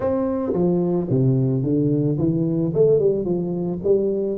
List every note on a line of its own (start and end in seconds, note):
0.00 0.52 C4
0.53 1.07 F3
1.10 1.63 C3
1.63 2.17 D3
2.18 2.72 E3
2.74 2.99 A3
2.99 3.24 G3
3.24 3.79 F3
3.83 4.37 G3